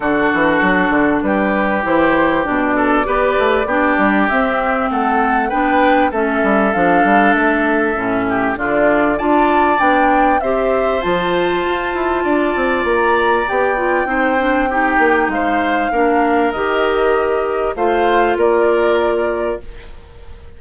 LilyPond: <<
  \new Staff \with { instrumentName = "flute" } { \time 4/4 \tempo 4 = 98 a'2 b'4 c''4 | d''2. e''4 | fis''4 g''4 e''4 f''4 | e''2 d''4 a''4 |
g''4 e''4 a''2~ | a''4 ais''4 g''2~ | g''4 f''2 dis''4~ | dis''4 f''4 d''2 | }
  \new Staff \with { instrumentName = "oboe" } { \time 4/4 fis'2 g'2~ | g'8 a'8 b'4 g'2 | a'4 b'4 a'2~ | a'4. g'8 f'4 d''4~ |
d''4 c''2. | d''2. c''4 | g'4 c''4 ais'2~ | ais'4 c''4 ais'2 | }
  \new Staff \with { instrumentName = "clarinet" } { \time 4/4 d'2. e'4 | d'4 g'4 d'4 c'4~ | c'4 d'4 cis'4 d'4~ | d'4 cis'4 d'4 f'4 |
d'4 g'4 f'2~ | f'2 g'8 f'8 dis'8 d'8 | dis'2 d'4 g'4~ | g'4 f'2. | }
  \new Staff \with { instrumentName = "bassoon" } { \time 4/4 d8 e8 fis8 d8 g4 e4 | b,4 b8 a8 b8 g8 c'4 | a4 b4 a8 g8 f8 g8 | a4 a,4 d4 d'4 |
b4 c'4 f4 f'8 e'8 | d'8 c'8 ais4 b4 c'4~ | c'8 ais8 gis4 ais4 dis4~ | dis4 a4 ais2 | }
>>